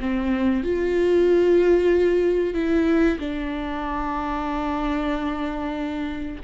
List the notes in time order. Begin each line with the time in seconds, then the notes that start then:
0.00 C4
0.63 F4
2.54 E4
3.19 D4